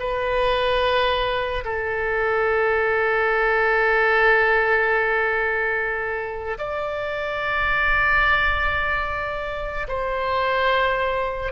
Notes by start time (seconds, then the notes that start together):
0.00 B4
1.65 A4
6.59 D5
9.89 C5